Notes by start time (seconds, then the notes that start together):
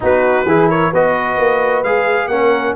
0.00 B3 D#4 F#4 B4
0.45 E3 E4 G#4
0.67 A#4 C#5
0.91 B3 F#4 B4 D#5
1.38 A#3
1.83 G#3 G#4 F5
2.28 A#3 C#4 A#4 F#5